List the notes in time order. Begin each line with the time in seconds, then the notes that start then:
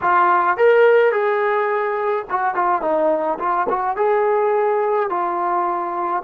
0.01 F4
0.57 A#4
1.12 G#4
2.30 F#4
2.55 F4
2.81 D#4
3.39 F4
3.69 F#4
3.96 G#4
5.09 F4